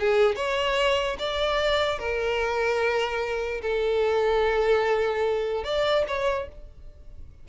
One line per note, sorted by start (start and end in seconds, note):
0.00 0.36 G#4
0.36 1.17 C#5
1.19 1.99 D5
1.99 3.61 A#4
3.62 5.64 A4
5.64 6.05 D5
6.08 6.49 C#5